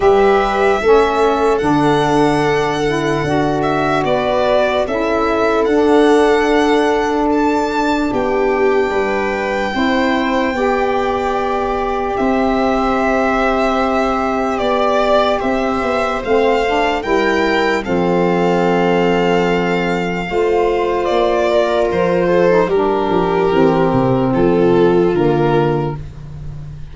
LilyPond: <<
  \new Staff \with { instrumentName = "violin" } { \time 4/4 \tempo 4 = 74 e''2 fis''2~ | fis''8 e''8 d''4 e''4 fis''4~ | fis''4 a''4 g''2~ | g''2. e''4~ |
e''2 d''4 e''4 | f''4 g''4 f''2~ | f''2 d''4 c''4 | ais'2 a'4 ais'4 | }
  \new Staff \with { instrumentName = "viola" } { \time 4/4 b'4 a'2.~ | a'4 b'4 a'2~ | a'2 g'4 b'4 | c''4 d''2 c''4~ |
c''2 d''4 c''4~ | c''4 ais'4 a'2~ | a'4 c''4. ais'4 a'8 | g'2 f'2 | }
  \new Staff \with { instrumentName = "saxophone" } { \time 4/4 g'4 cis'4 d'4. e'8 | fis'2 e'4 d'4~ | d'1 | e'4 g'2.~ |
g'1 | c'8 d'8 e'4 c'2~ | c'4 f'2~ f'8. dis'16 | d'4 c'2 ais4 | }
  \new Staff \with { instrumentName = "tuba" } { \time 4/4 g4 a4 d2 | d'4 b4 cis'4 d'4~ | d'2 b4 g4 | c'4 b2 c'4~ |
c'2 b4 c'8 b8 | a4 g4 f2~ | f4 a4 ais4 f4 | g8 f8 e8 c8 f4 d4 | }
>>